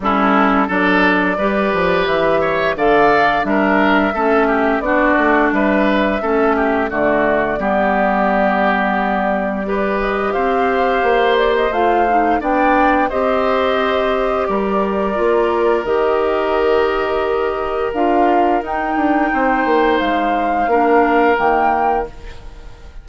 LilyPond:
<<
  \new Staff \with { instrumentName = "flute" } { \time 4/4 \tempo 4 = 87 a'4 d''2 e''4 | f''4 e''2 d''4 | e''2 d''2~ | d''2~ d''8 dis''8 f''4~ |
f''8 d''16 dis''16 f''4 g''4 dis''4~ | dis''4 d''2 dis''4~ | dis''2 f''4 g''4~ | g''4 f''2 g''4 | }
  \new Staff \with { instrumentName = "oboe" } { \time 4/4 e'4 a'4 b'4. cis''8 | d''4 ais'4 a'8 g'8 fis'4 | b'4 a'8 g'8 fis'4 g'4~ | g'2 b'4 c''4~ |
c''2 d''4 c''4~ | c''4 ais'2.~ | ais'1 | c''2 ais'2 | }
  \new Staff \with { instrumentName = "clarinet" } { \time 4/4 cis'4 d'4 g'2 | a'4 d'4 cis'4 d'4~ | d'4 cis'4 a4 b4~ | b2 g'2~ |
g'4 f'8 dis'8 d'4 g'4~ | g'2 f'4 g'4~ | g'2 f'4 dis'4~ | dis'2 d'4 ais4 | }
  \new Staff \with { instrumentName = "bassoon" } { \time 4/4 g4 fis4 g8 f8 e4 | d4 g4 a4 b8 a8 | g4 a4 d4 g4~ | g2. c'4 |
ais4 a4 b4 c'4~ | c'4 g4 ais4 dis4~ | dis2 d'4 dis'8 d'8 | c'8 ais8 gis4 ais4 dis4 | }
>>